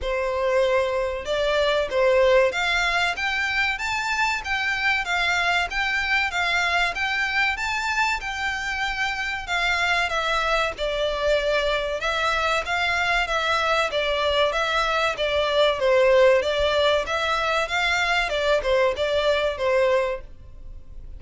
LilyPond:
\new Staff \with { instrumentName = "violin" } { \time 4/4 \tempo 4 = 95 c''2 d''4 c''4 | f''4 g''4 a''4 g''4 | f''4 g''4 f''4 g''4 | a''4 g''2 f''4 |
e''4 d''2 e''4 | f''4 e''4 d''4 e''4 | d''4 c''4 d''4 e''4 | f''4 d''8 c''8 d''4 c''4 | }